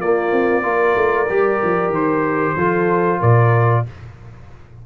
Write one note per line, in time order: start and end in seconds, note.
0.00 0.32 A#3
0.00 0.62 A#3
0.00 0.63 F4
0.00 1.92 D5
0.32 0.63 C4
0.62 0.95 A#3
0.62 1.26 F4
0.62 2.54 A#4
0.95 1.27 A3
1.29 1.61 G3
1.29 2.57 G4
1.63 1.88 F3
1.88 2.52 D#3
1.88 3.21 C5
2.56 3.20 F3
2.56 3.86 F4
2.56 3.19 A4
3.19 3.85 A#2
3.19 3.83 A#4
3.19 3.85 D5